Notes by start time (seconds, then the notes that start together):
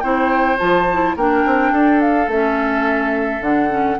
0.00 C4 E4 C5 G5
0.58 F3 F4 A5
0.93 E4
1.16 A#3 D4 A#4 G5
1.46 C4
1.72 D4 A4
2.01 F5
2.28 A3 C#4 E5
3.41 D3 D4 F#5
3.69 C#4